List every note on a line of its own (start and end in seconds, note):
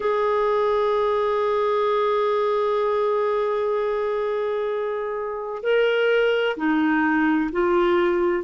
0.00 5.62 G#4
5.62 6.56 A#4
6.56 7.50 D#4
7.52 8.44 F4